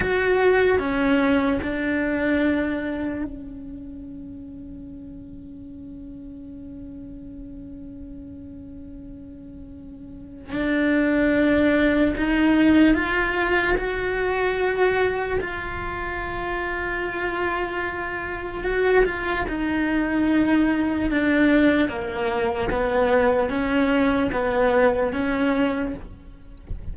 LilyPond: \new Staff \with { instrumentName = "cello" } { \time 4/4 \tempo 4 = 74 fis'4 cis'4 d'2 | cis'1~ | cis'1~ | cis'4 d'2 dis'4 |
f'4 fis'2 f'4~ | f'2. fis'8 f'8 | dis'2 d'4 ais4 | b4 cis'4 b4 cis'4 | }